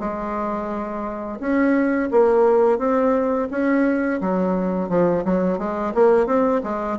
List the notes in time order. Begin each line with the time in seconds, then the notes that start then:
0.00 G#3
1.40 C#4
2.12 A#3
2.79 C4
3.51 C#4
4.21 F#3
4.90 F3
5.25 F#3
5.59 G#3
5.95 A#3
6.27 C4
6.64 G#3